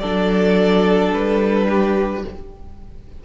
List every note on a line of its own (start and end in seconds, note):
0.00 1.13 F#3
0.00 2.25 D4
0.00 1.68 A4
0.00 1.11 D5
1.13 2.25 G3
1.13 2.25 B4
1.69 2.25 G4